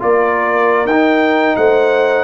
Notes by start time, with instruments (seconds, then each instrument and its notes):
0.00 tuba A#3, trombone F4, horn A#4, trumpet D5
0.86 tuba D#4, trombone D#4, trumpet G5
1.57 tuba A3, horn C5, trumpet F#5